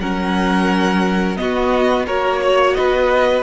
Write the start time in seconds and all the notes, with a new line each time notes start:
0.00 F#3 C#4 A#4 F#5
1.36 B3 F#4 D#5
2.05 A#3 F#4 A#4 C#5
2.42 C#5
2.73 B3 B4 D#5